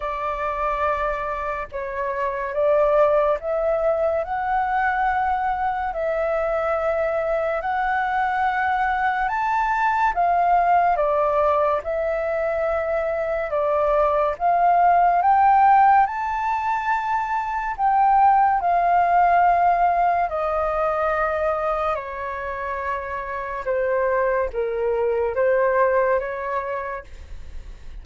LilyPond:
\new Staff \with { instrumentName = "flute" } { \time 4/4 \tempo 4 = 71 d''2 cis''4 d''4 | e''4 fis''2 e''4~ | e''4 fis''2 a''4 | f''4 d''4 e''2 |
d''4 f''4 g''4 a''4~ | a''4 g''4 f''2 | dis''2 cis''2 | c''4 ais'4 c''4 cis''4 | }